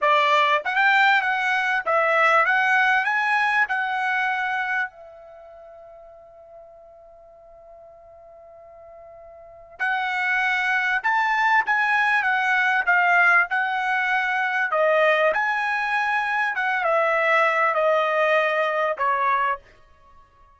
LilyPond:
\new Staff \with { instrumentName = "trumpet" } { \time 4/4 \tempo 4 = 98 d''4 fis''16 g''8. fis''4 e''4 | fis''4 gis''4 fis''2 | e''1~ | e''1 |
fis''2 a''4 gis''4 | fis''4 f''4 fis''2 | dis''4 gis''2 fis''8 e''8~ | e''4 dis''2 cis''4 | }